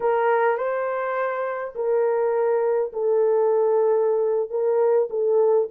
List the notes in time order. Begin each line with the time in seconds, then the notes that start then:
0.00 A#4
0.57 C5
1.75 A#4
2.92 A4
4.50 A#4
5.10 A4